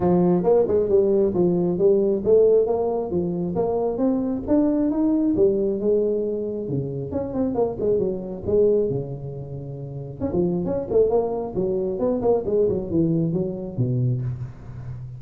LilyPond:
\new Staff \with { instrumentName = "tuba" } { \time 4/4 \tempo 4 = 135 f4 ais8 gis8 g4 f4 | g4 a4 ais4 f4 | ais4 c'4 d'4 dis'4 | g4 gis2 cis4 |
cis'8 c'8 ais8 gis8 fis4 gis4 | cis2. cis'16 f8. | cis'8 a8 ais4 fis4 b8 ais8 | gis8 fis8 e4 fis4 b,4 | }